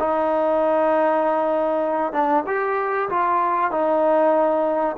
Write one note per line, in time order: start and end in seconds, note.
0.00 2.13 D#4
2.13 2.44 D4
2.47 3.10 G4
3.10 3.72 F4
3.72 4.97 D#4